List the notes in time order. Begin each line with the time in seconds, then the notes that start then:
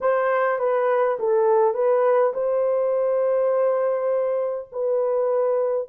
0.01 C5
0.58 B4
1.19 A4
1.73 B4
2.33 C5
4.72 B4